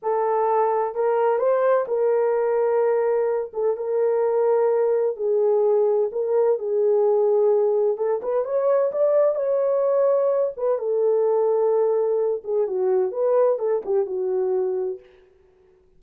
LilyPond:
\new Staff \with { instrumentName = "horn" } { \time 4/4 \tempo 4 = 128 a'2 ais'4 c''4 | ais'2.~ ais'8 a'8 | ais'2. gis'4~ | gis'4 ais'4 gis'2~ |
gis'4 a'8 b'8 cis''4 d''4 | cis''2~ cis''8 b'8 a'4~ | a'2~ a'8 gis'8 fis'4 | b'4 a'8 g'8 fis'2 | }